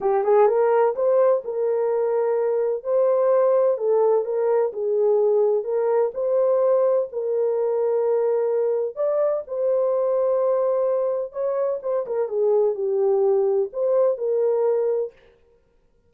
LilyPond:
\new Staff \with { instrumentName = "horn" } { \time 4/4 \tempo 4 = 127 g'8 gis'8 ais'4 c''4 ais'4~ | ais'2 c''2 | a'4 ais'4 gis'2 | ais'4 c''2 ais'4~ |
ais'2. d''4 | c''1 | cis''4 c''8 ais'8 gis'4 g'4~ | g'4 c''4 ais'2 | }